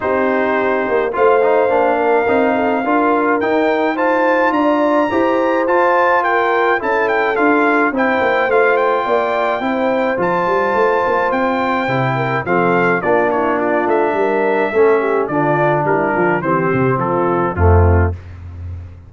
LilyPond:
<<
  \new Staff \with { instrumentName = "trumpet" } { \time 4/4 \tempo 4 = 106 c''2 f''2~ | f''2 g''4 a''4 | ais''2 a''4 g''4 | a''8 g''8 f''4 g''4 f''8 g''8~ |
g''2 a''2 | g''2 f''4 d''8 cis''8 | d''8 e''2~ e''8 d''4 | ais'4 c''4 a'4 f'4 | }
  \new Staff \with { instrumentName = "horn" } { \time 4/4 g'2 c''4. ais'8~ | ais'8 a'8 ais'2 c''4 | d''4 c''2 ais'4 | a'2 c''2 |
d''4 c''2.~ | c''4. ais'8 a'4 f'8 e'8 | f'4 ais'4 a'8 g'8 f'4 | e'8 f'8 g'4 f'4 c'4 | }
  \new Staff \with { instrumentName = "trombone" } { \time 4/4 dis'2 f'8 dis'8 d'4 | dis'4 f'4 dis'4 f'4~ | f'4 g'4 f'2 | e'4 f'4 e'4 f'4~ |
f'4 e'4 f'2~ | f'4 e'4 c'4 d'4~ | d'2 cis'4 d'4~ | d'4 c'2 a4 | }
  \new Staff \with { instrumentName = "tuba" } { \time 4/4 c'4. ais8 a4 ais4 | c'4 d'4 dis'2 | d'4 e'4 f'2 | cis'4 d'4 c'8 ais8 a4 |
ais4 c'4 f8 g8 a8 ais8 | c'4 c4 f4 ais4~ | ais8 a8 g4 a4 d4 | g8 f8 e8 c8 f4 f,4 | }
>>